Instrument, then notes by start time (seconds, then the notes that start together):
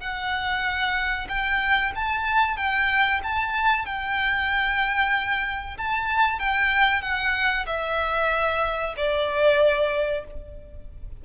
violin
0.00 F#5
1.29 G5
1.95 A5
2.57 G5
3.23 A5
3.85 G5
5.77 A5
6.39 G5
7.02 F#5
7.66 E5
8.97 D5